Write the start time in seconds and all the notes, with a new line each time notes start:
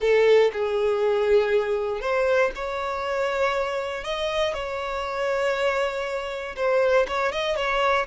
0.00 A4
0.52 G#4
2.01 C5
2.55 C#5
4.04 D#5
4.53 C#5
6.56 C5
7.07 C#5
7.32 D#5
7.56 C#5